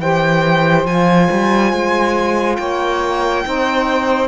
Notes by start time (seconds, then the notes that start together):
0.00 E3 G4 C5 G5
0.86 F3 F4 G#5
1.31 G3
1.73 G#3
2.57 A#3 C#5 G5
3.44 C4 D#4 C5